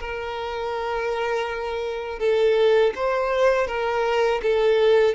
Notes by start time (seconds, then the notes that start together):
0.00 A#4
2.19 A4
2.95 C5
3.67 A#4
4.42 A4